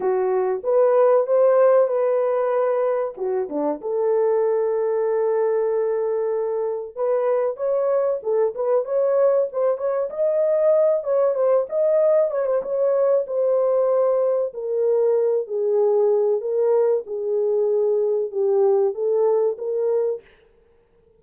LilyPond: \new Staff \with { instrumentName = "horn" } { \time 4/4 \tempo 4 = 95 fis'4 b'4 c''4 b'4~ | b'4 fis'8 d'8 a'2~ | a'2. b'4 | cis''4 a'8 b'8 cis''4 c''8 cis''8 |
dis''4. cis''8 c''8 dis''4 cis''16 c''16 | cis''4 c''2 ais'4~ | ais'8 gis'4. ais'4 gis'4~ | gis'4 g'4 a'4 ais'4 | }